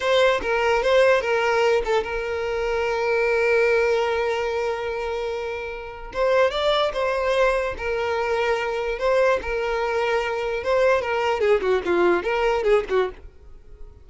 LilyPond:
\new Staff \with { instrumentName = "violin" } { \time 4/4 \tempo 4 = 147 c''4 ais'4 c''4 ais'4~ | ais'8 a'8 ais'2.~ | ais'1~ | ais'2. c''4 |
d''4 c''2 ais'4~ | ais'2 c''4 ais'4~ | ais'2 c''4 ais'4 | gis'8 fis'8 f'4 ais'4 gis'8 fis'8 | }